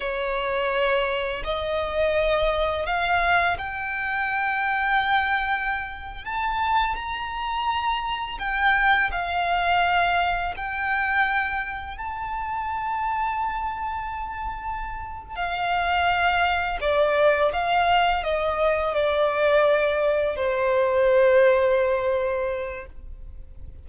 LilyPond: \new Staff \with { instrumentName = "violin" } { \time 4/4 \tempo 4 = 84 cis''2 dis''2 | f''4 g''2.~ | g''8. a''4 ais''2 g''16~ | g''8. f''2 g''4~ g''16~ |
g''8. a''2.~ a''16~ | a''4. f''2 d''8~ | d''8 f''4 dis''4 d''4.~ | d''8 c''2.~ c''8 | }